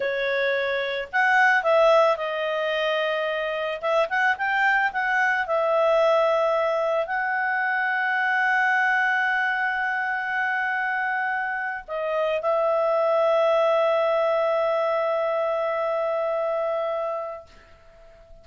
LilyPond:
\new Staff \with { instrumentName = "clarinet" } { \time 4/4 \tempo 4 = 110 cis''2 fis''4 e''4 | dis''2. e''8 fis''8 | g''4 fis''4 e''2~ | e''4 fis''2.~ |
fis''1~ | fis''4.~ fis''16 dis''4 e''4~ e''16~ | e''1~ | e''1 | }